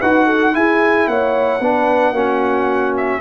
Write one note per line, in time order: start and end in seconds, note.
0.00 0.55 D#4
0.00 0.53 F#4
0.00 0.27 B4
0.00 0.55 F#5
0.27 0.53 A4
0.53 1.60 E4
0.53 1.08 E4
0.53 1.09 G#4
0.53 1.08 G#5
1.08 1.60 A#3
1.08 1.62 C#5
1.08 2.95 F#5
1.60 2.12 B3
1.60 2.15 D4
1.60 2.14 B4
2.12 3.19 A#3
2.12 3.22 C#4
2.12 3.21 F#4
2.97 3.22 E5